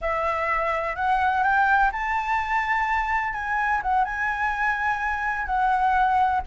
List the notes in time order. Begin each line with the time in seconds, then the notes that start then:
0.01 E5
0.95 F#5
1.43 G5
1.92 A5
3.33 G#5
3.82 F#5
4.04 G#5
5.46 F#5